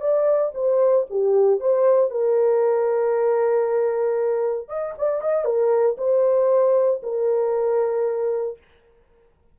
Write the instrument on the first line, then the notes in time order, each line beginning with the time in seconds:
horn
0.00 D5
0.54 C5
1.10 G4
1.60 C5
2.10 A#4
4.68 D#5
4.98 D5
5.21 D#5
5.45 A#4
5.97 C5
7.03 A#4